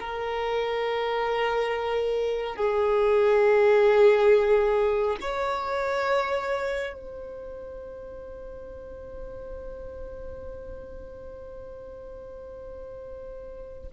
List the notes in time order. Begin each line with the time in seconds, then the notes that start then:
0.00 A#4
2.56 G#4
5.21 C#5
6.93 C5